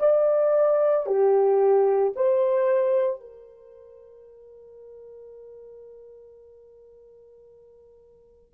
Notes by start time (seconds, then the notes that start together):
0.00 D5
1.07 G4
2.16 C5
3.20 A#4